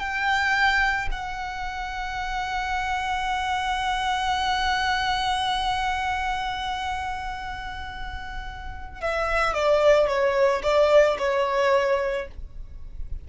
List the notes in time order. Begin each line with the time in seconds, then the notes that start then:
0.00 G5
1.12 F#5
9.01 E5
9.54 D5
10.08 C#5
10.63 D5
11.19 C#5